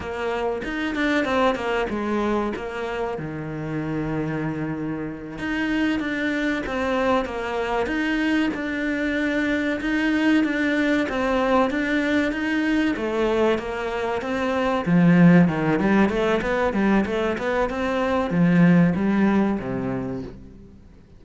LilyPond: \new Staff \with { instrumentName = "cello" } { \time 4/4 \tempo 4 = 95 ais4 dis'8 d'8 c'8 ais8 gis4 | ais4 dis2.~ | dis8 dis'4 d'4 c'4 ais8~ | ais8 dis'4 d'2 dis'8~ |
dis'8 d'4 c'4 d'4 dis'8~ | dis'8 a4 ais4 c'4 f8~ | f8 dis8 g8 a8 b8 g8 a8 b8 | c'4 f4 g4 c4 | }